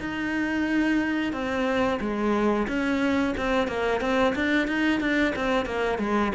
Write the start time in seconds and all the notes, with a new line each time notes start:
0.00 D#4
1.33 C4
2.01 G#3
2.68 C#4
3.38 C4
3.68 A#3
4.01 C4
4.36 D4
4.68 D#4
5.01 D4
5.36 C4
5.66 A#3
5.99 G#3